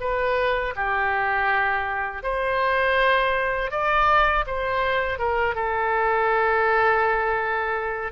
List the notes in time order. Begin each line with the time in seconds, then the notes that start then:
0.00 B4
0.76 G4
2.23 C5
3.71 D5
4.46 C5
5.18 A#4
5.55 A4